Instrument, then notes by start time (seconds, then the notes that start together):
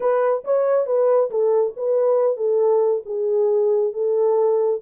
horn
0.00 B4
0.44 C#5
0.86 B4
1.30 A4
1.76 B4
2.36 A4
3.05 G#4
3.93 A4